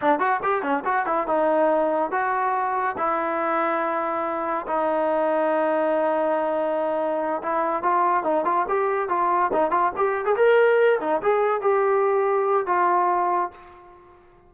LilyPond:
\new Staff \with { instrumentName = "trombone" } { \time 4/4 \tempo 4 = 142 d'8 fis'8 g'8 cis'8 fis'8 e'8 dis'4~ | dis'4 fis'2 e'4~ | e'2. dis'4~ | dis'1~ |
dis'4. e'4 f'4 dis'8 | f'8 g'4 f'4 dis'8 f'8 g'8~ | g'16 gis'16 ais'4. dis'8 gis'4 g'8~ | g'2 f'2 | }